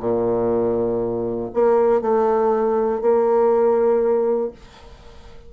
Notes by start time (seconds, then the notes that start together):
0.00 A#2
1.54 A#3
2.02 A3
3.02 A#3